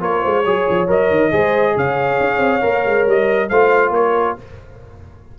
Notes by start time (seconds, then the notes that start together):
0.00 A#3 F4 A#4 C#5
0.23 G#3 C5
0.44 F#3 G#4 C#5
0.70 F3
0.88 F#3 A#4 D#5
1.11 D#3
1.32 G#3 G#4 C5
1.76 C#3 C#5 F5
2.20 C#4
2.39 C4
2.61 A#3 A#4
2.86 G#3
3.07 G3 D#5
3.49 A3 F4 C5 F5
3.91 A#3 A#4 C#5